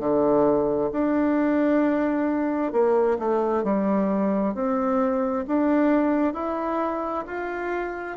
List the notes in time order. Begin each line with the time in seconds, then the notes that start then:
0.00 D3
0.92 D4
2.73 A#3
3.19 A3
3.64 G3
4.55 C4
5.48 D4
6.34 E4
7.27 F4